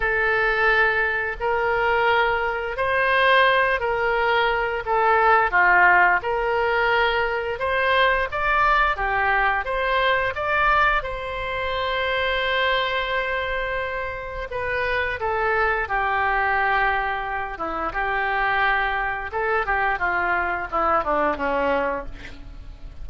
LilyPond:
\new Staff \with { instrumentName = "oboe" } { \time 4/4 \tempo 4 = 87 a'2 ais'2 | c''4. ais'4. a'4 | f'4 ais'2 c''4 | d''4 g'4 c''4 d''4 |
c''1~ | c''4 b'4 a'4 g'4~ | g'4. e'8 g'2 | a'8 g'8 f'4 e'8 d'8 cis'4 | }